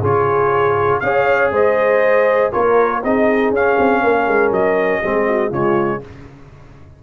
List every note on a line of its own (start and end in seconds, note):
0.00 1.02 C#3
0.00 1.03 F4
0.00 1.00 G#4
0.00 1.00 C#5
1.00 1.51 C#4
1.00 2.52 G#4
1.00 1.52 C#5
1.00 1.50 F5
1.51 2.51 G#3
1.51 2.52 C5
1.51 2.52 D#5
2.52 3.03 A#3
2.52 3.02 F4
2.52 3.02 A#4
2.52 3.02 C#5
3.02 3.51 C4
3.02 3.55 D#4
3.02 4.02 G#4
3.02 3.54 D#5
3.51 3.76 C#4
3.51 5.03 C#4
3.51 4.53 F5
3.79 4.04 C4
4.04 4.27 A#3
4.04 5.02 A#4
4.27 4.51 G#3
4.51 5.01 F#3
4.51 5.53 D#5
5.02 5.51 G#3
5.02 5.51 C4
5.02 5.27 G#4
5.28 5.49 F#4
5.49 6.01 C#3
5.49 6.01 G#3
5.49 5.99 F4
5.49 6.03 C#5